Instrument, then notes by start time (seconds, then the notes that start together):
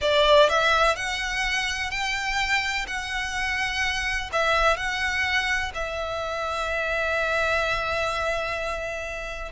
violin
0.01 D5
0.49 E5
0.96 F#5
1.90 G5
2.87 F#5
4.32 E5
4.76 F#5
5.74 E5